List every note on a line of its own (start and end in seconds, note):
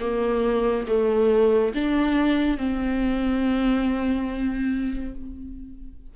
0.00 0.86 A#3
0.87 1.73 A3
1.74 2.57 D4
2.57 5.14 C4